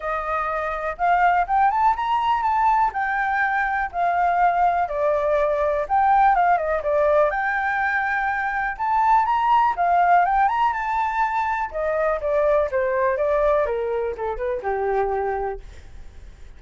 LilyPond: \new Staff \with { instrumentName = "flute" } { \time 4/4 \tempo 4 = 123 dis''2 f''4 g''8 a''8 | ais''4 a''4 g''2 | f''2 d''2 | g''4 f''8 dis''8 d''4 g''4~ |
g''2 a''4 ais''4 | f''4 g''8 ais''8 a''2 | dis''4 d''4 c''4 d''4 | ais'4 a'8 b'8 g'2 | }